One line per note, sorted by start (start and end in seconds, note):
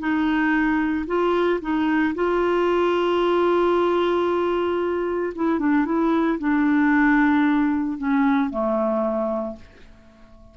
0.00 1.06 D#4
1.07 1.60 F4
1.61 2.15 D#4
2.15 5.34 F4
5.36 5.60 E4
5.60 5.86 D4
5.86 6.39 E4
6.39 7.99 D4
7.99 8.50 C#4
8.50 9.56 A3